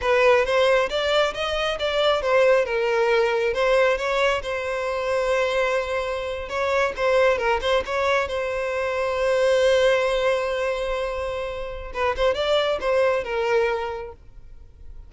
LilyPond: \new Staff \with { instrumentName = "violin" } { \time 4/4 \tempo 4 = 136 b'4 c''4 d''4 dis''4 | d''4 c''4 ais'2 | c''4 cis''4 c''2~ | c''2~ c''8. cis''4 c''16~ |
c''8. ais'8 c''8 cis''4 c''4~ c''16~ | c''1~ | c''2. b'8 c''8 | d''4 c''4 ais'2 | }